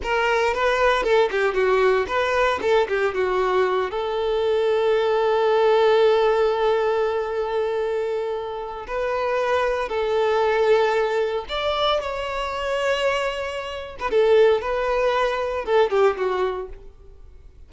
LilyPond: \new Staff \with { instrumentName = "violin" } { \time 4/4 \tempo 4 = 115 ais'4 b'4 a'8 g'8 fis'4 | b'4 a'8 g'8 fis'4. a'8~ | a'1~ | a'1~ |
a'4 b'2 a'4~ | a'2 d''4 cis''4~ | cis''2~ cis''8. b'16 a'4 | b'2 a'8 g'8 fis'4 | }